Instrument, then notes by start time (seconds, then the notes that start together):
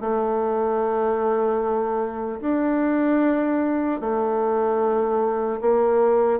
bassoon
0.00 A3
2.40 D4
4.00 A3
5.60 A#3